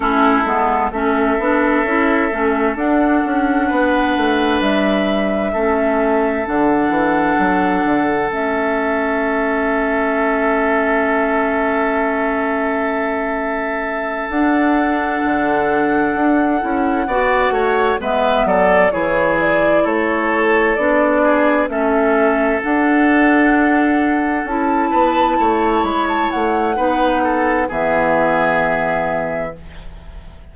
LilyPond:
<<
  \new Staff \with { instrumentName = "flute" } { \time 4/4 \tempo 4 = 65 a'4 e''2 fis''4~ | fis''4 e''2 fis''4~ | fis''4 e''2.~ | e''2.~ e''8 fis''8~ |
fis''2.~ fis''8 e''8 | d''8 cis''8 d''8 cis''4 d''4 e''8~ | e''8 fis''2 a''4. | b''16 a''16 fis''4. e''2 | }
  \new Staff \with { instrumentName = "oboe" } { \time 4/4 e'4 a'2. | b'2 a'2~ | a'1~ | a'1~ |
a'2~ a'8 d''8 cis''8 b'8 | a'8 gis'4 a'4. gis'8 a'8~ | a'2. b'8 cis''8~ | cis''4 b'8 a'8 gis'2 | }
  \new Staff \with { instrumentName = "clarinet" } { \time 4/4 cis'8 b8 cis'8 d'8 e'8 cis'8 d'4~ | d'2 cis'4 d'4~ | d'4 cis'2.~ | cis'2.~ cis'8 d'8~ |
d'2 e'8 fis'4 b8~ | b8 e'2 d'4 cis'8~ | cis'8 d'2 e'4.~ | e'4 dis'4 b2 | }
  \new Staff \with { instrumentName = "bassoon" } { \time 4/4 a8 gis8 a8 b8 cis'8 a8 d'8 cis'8 | b8 a8 g4 a4 d8 e8 | fis8 d8 a2.~ | a2.~ a8 d'8~ |
d'8 d4 d'8 cis'8 b8 a8 gis8 | fis8 e4 a4 b4 a8~ | a8 d'2 cis'8 b8 a8 | gis8 a8 b4 e2 | }
>>